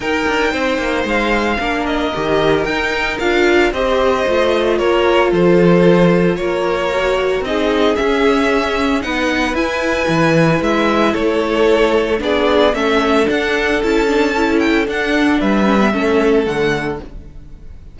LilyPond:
<<
  \new Staff \with { instrumentName = "violin" } { \time 4/4 \tempo 4 = 113 g''2 f''4. dis''8~ | dis''4 g''4 f''4 dis''4~ | dis''4 cis''4 c''2 | cis''2 dis''4 e''4~ |
e''4 fis''4 gis''2 | e''4 cis''2 d''4 | e''4 fis''4 a''4. g''8 | fis''4 e''2 fis''4 | }
  \new Staff \with { instrumentName = "violin" } { \time 4/4 ais'4 c''2 ais'4~ | ais'2. c''4~ | c''4 ais'4 a'2 | ais'2 gis'2~ |
gis'4 b'2.~ | b'4 a'2 gis'4 | a'1~ | a'4 b'4 a'2 | }
  \new Staff \with { instrumentName = "viola" } { \time 4/4 dis'2. d'4 | g'4 dis'4 f'4 g'4 | f'1~ | f'4 fis'4 dis'4 cis'4~ |
cis'4 dis'4 e'2~ | e'2. d'4 | cis'4 d'4 e'8 d'8 e'4 | d'4. cis'16 b16 cis'4 a4 | }
  \new Staff \with { instrumentName = "cello" } { \time 4/4 dis'8 d'8 c'8 ais8 gis4 ais4 | dis4 dis'4 d'4 c'4 | a4 ais4 f2 | ais2 c'4 cis'4~ |
cis'4 b4 e'4 e4 | gis4 a2 b4 | a4 d'4 cis'2 | d'4 g4 a4 d4 | }
>>